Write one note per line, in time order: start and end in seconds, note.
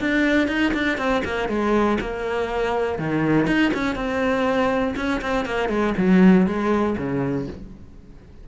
0.00 0.48 D4
0.48 0.73 D#4
0.74 0.98 D4
0.98 1.23 C4
1.25 1.49 A#3
1.49 1.98 G#3
2.01 2.98 A#3
2.98 3.47 D#3
3.47 3.72 D#4
3.74 3.96 C#4
3.96 4.95 C4
4.96 5.21 C#4
5.21 5.45 C4
5.45 5.69 A#3
5.69 5.94 G#3
5.98 6.47 F#3
6.47 6.96 G#3
6.98 7.47 C#3